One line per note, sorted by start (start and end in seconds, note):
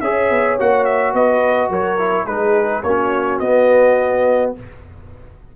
0.00 0.29 C#4
0.00 0.59 G#4
0.00 1.14 C#5
0.00 0.57 E5
0.30 0.58 B3
0.59 1.13 A#3
0.59 1.98 F#4
0.59 0.84 F#5
0.84 1.13 E5
1.13 1.69 B3
1.13 1.70 B4
1.13 1.71 D#5
1.69 2.26 F#3
1.69 2.25 A#4
1.69 2.26 C#5
1.98 2.26 E4
2.25 2.82 G#3
2.25 2.83 D#4
2.25 2.81 G#4
2.25 2.83 B4
2.83 3.40 A#3
2.83 3.42 C#4
2.83 4.55 F#4
2.83 3.39 C#5
3.39 4.53 B3
3.39 4.56 B3
3.39 4.52 D#5